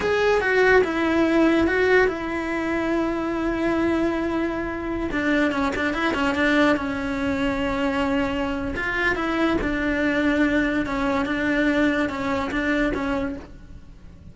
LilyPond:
\new Staff \with { instrumentName = "cello" } { \time 4/4 \tempo 4 = 144 gis'4 fis'4 e'2 | fis'4 e'2.~ | e'1~ | e'16 d'4 cis'8 d'8 e'8 cis'8 d'8.~ |
d'16 cis'2.~ cis'8.~ | cis'4 f'4 e'4 d'4~ | d'2 cis'4 d'4~ | d'4 cis'4 d'4 cis'4 | }